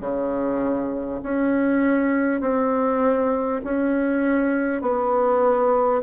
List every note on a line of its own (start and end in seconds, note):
0.00 1.20 C#3
1.23 2.41 C#4
2.41 3.61 C4
3.64 4.82 C#4
4.82 6.02 B3